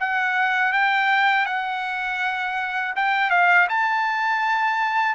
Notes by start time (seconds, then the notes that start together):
0.00 F#5
0.73 G5
1.46 F#5
2.96 G5
3.30 F5
3.69 A5